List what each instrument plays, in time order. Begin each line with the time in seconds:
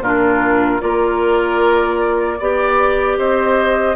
0.00 bassoon A#2, clarinet D4, oboe F4, flute A#4
0.80 bassoon A#3, clarinet F4, oboe A#4, flute D5
2.39 bassoon B3, clarinet G4, oboe D5
3.17 bassoon C4, oboe C5, flute D#5